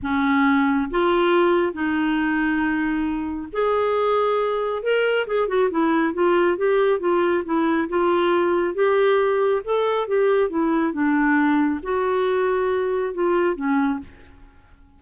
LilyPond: \new Staff \with { instrumentName = "clarinet" } { \time 4/4 \tempo 4 = 137 cis'2 f'2 | dis'1 | gis'2. ais'4 | gis'8 fis'8 e'4 f'4 g'4 |
f'4 e'4 f'2 | g'2 a'4 g'4 | e'4 d'2 fis'4~ | fis'2 f'4 cis'4 | }